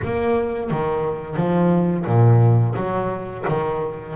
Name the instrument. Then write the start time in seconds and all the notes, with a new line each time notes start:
double bass
0.04 A#3
0.71 D#3
1.36 F3
2.05 A#2
2.76 F#3
3.48 D#3